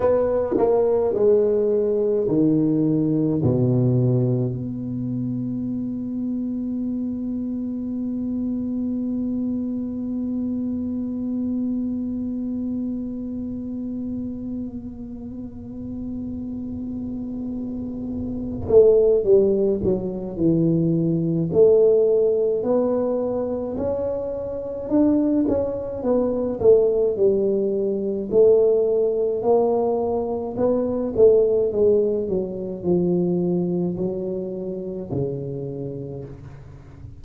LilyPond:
\new Staff \with { instrumentName = "tuba" } { \time 4/4 \tempo 4 = 53 b8 ais8 gis4 dis4 b,4 | b1~ | b1~ | b1~ |
b8 a8 g8 fis8 e4 a4 | b4 cis'4 d'8 cis'8 b8 a8 | g4 a4 ais4 b8 a8 | gis8 fis8 f4 fis4 cis4 | }